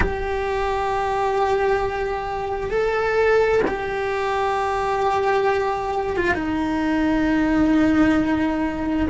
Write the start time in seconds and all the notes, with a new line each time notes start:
0.00 G4
2.70 A4
3.67 G4
6.16 F4
6.34 D#4